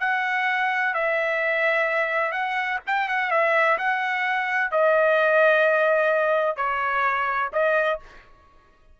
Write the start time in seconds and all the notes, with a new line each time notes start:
0.00 F#5
0.94 E5
2.32 F#5
2.87 G5
3.08 F#5
3.30 E5
3.78 F#5
4.71 D#5
6.56 C#5
7.53 D#5